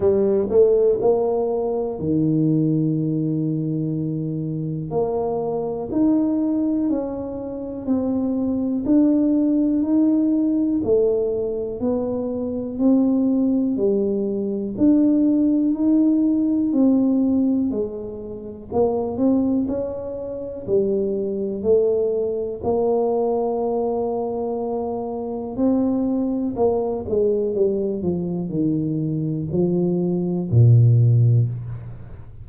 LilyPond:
\new Staff \with { instrumentName = "tuba" } { \time 4/4 \tempo 4 = 61 g8 a8 ais4 dis2~ | dis4 ais4 dis'4 cis'4 | c'4 d'4 dis'4 a4 | b4 c'4 g4 d'4 |
dis'4 c'4 gis4 ais8 c'8 | cis'4 g4 a4 ais4~ | ais2 c'4 ais8 gis8 | g8 f8 dis4 f4 ais,4 | }